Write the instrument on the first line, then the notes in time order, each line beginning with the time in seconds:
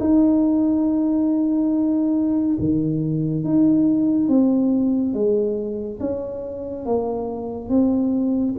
tuba
0.00 D#4
2.59 D#3
3.44 D#4
4.29 C4
5.14 G#3
6.00 C#4
6.86 A#3
7.69 C4